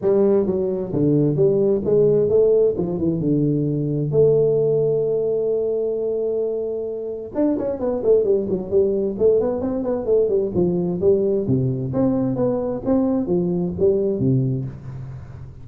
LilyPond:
\new Staff \with { instrumentName = "tuba" } { \time 4/4 \tempo 4 = 131 g4 fis4 d4 g4 | gis4 a4 f8 e8 d4~ | d4 a2.~ | a1 |
d'8 cis'8 b8 a8 g8 fis8 g4 | a8 b8 c'8 b8 a8 g8 f4 | g4 c4 c'4 b4 | c'4 f4 g4 c4 | }